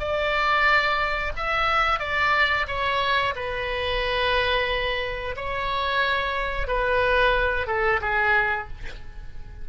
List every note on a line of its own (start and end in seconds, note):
0.00 1.33 D5
1.37 2.00 E5
2.00 2.67 D5
2.68 3.35 C#5
3.36 5.36 B4
5.37 6.68 C#5
6.68 7.68 B4
7.68 8.01 A4
8.02 8.68 G#4